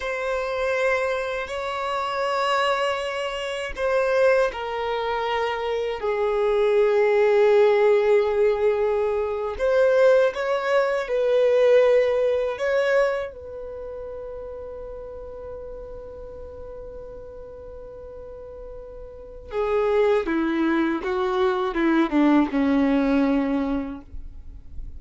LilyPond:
\new Staff \with { instrumentName = "violin" } { \time 4/4 \tempo 4 = 80 c''2 cis''2~ | cis''4 c''4 ais'2 | gis'1~ | gis'8. c''4 cis''4 b'4~ b'16~ |
b'8. cis''4 b'2~ b'16~ | b'1~ | b'2 gis'4 e'4 | fis'4 e'8 d'8 cis'2 | }